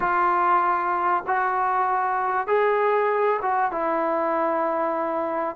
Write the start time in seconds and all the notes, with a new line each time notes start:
0.00 F4
1.27 F#4
2.47 G#4
3.42 F#4
3.71 E4